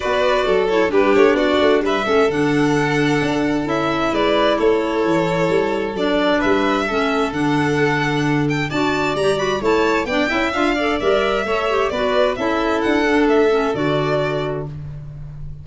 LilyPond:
<<
  \new Staff \with { instrumentName = "violin" } { \time 4/4 \tempo 4 = 131 d''4. cis''8 b'8 cis''8 d''4 | e''4 fis''2. | e''4 d''4 cis''2~ | cis''4 d''4 e''2 |
fis''2~ fis''8 g''8 a''4 | ais''8 b''8 a''4 g''4 f''4 | e''2 d''4 e''4 | fis''4 e''4 d''2 | }
  \new Staff \with { instrumentName = "violin" } { \time 4/4 b'4 a'4 g'4 fis'4 | b'8 a'2.~ a'8~ | a'4 b'4 a'2~ | a'2 b'4 a'4~ |
a'2. d''4~ | d''4 cis''4 d''8 e''4 d''8~ | d''4 cis''4 b'4 a'4~ | a'1 | }
  \new Staff \with { instrumentName = "clarinet" } { \time 4/4 fis'4. e'8 d'2~ | d'8 cis'8 d'2. | e'1~ | e'4 d'2 cis'4 |
d'2. fis'4 | g'8 fis'8 e'4 d'8 e'8 f'8 a'8 | ais'4 a'8 g'8 fis'4 e'4~ | e'8 d'4 cis'8 fis'2 | }
  \new Staff \with { instrumentName = "tuba" } { \time 4/4 b4 fis4 g8 a8 b8 a8 | g8 a8 d2 d'4 | cis'4 gis4 a4 e4 | g4 fis4 g4 a4 |
d2. d'4 | g4 a4 b8 cis'8 d'4 | g4 a4 b4 cis'4 | d'4 a4 d2 | }
>>